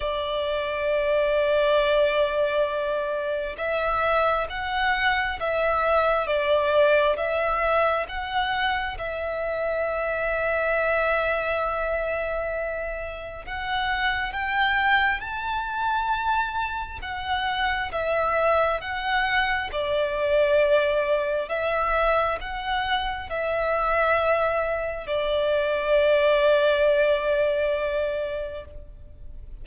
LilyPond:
\new Staff \with { instrumentName = "violin" } { \time 4/4 \tempo 4 = 67 d''1 | e''4 fis''4 e''4 d''4 | e''4 fis''4 e''2~ | e''2. fis''4 |
g''4 a''2 fis''4 | e''4 fis''4 d''2 | e''4 fis''4 e''2 | d''1 | }